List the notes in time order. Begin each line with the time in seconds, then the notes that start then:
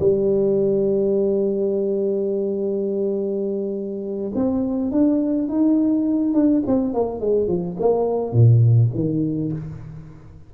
0.00 G3
4.36 C4
4.92 D4
5.49 D#4
6.34 D4
6.67 C4
6.94 A#3
7.21 G#3
7.48 F3
7.80 A#3
8.33 A#2
8.95 D#3